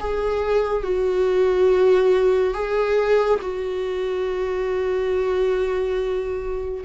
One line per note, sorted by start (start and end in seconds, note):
0.00 0.83 G#4
0.83 2.54 F#4
2.54 3.40 G#4
3.42 6.85 F#4